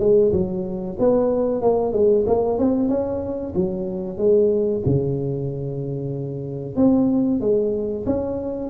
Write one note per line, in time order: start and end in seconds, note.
0.00 0.32 G#3
0.33 0.97 F#3
0.99 1.62 B3
1.62 1.93 A#3
1.93 2.25 G#3
2.27 2.59 A#3
2.59 2.89 C4
2.89 3.54 C#4
3.56 4.18 F#3
4.18 4.83 G#3
4.86 6.76 C#3
6.76 7.41 C4
7.41 8.05 G#3
8.06 8.70 C#4